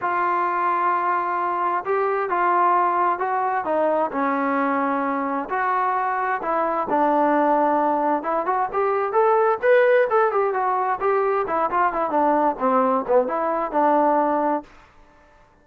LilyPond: \new Staff \with { instrumentName = "trombone" } { \time 4/4 \tempo 4 = 131 f'1 | g'4 f'2 fis'4 | dis'4 cis'2. | fis'2 e'4 d'4~ |
d'2 e'8 fis'8 g'4 | a'4 b'4 a'8 g'8 fis'4 | g'4 e'8 f'8 e'8 d'4 c'8~ | c'8 b8 e'4 d'2 | }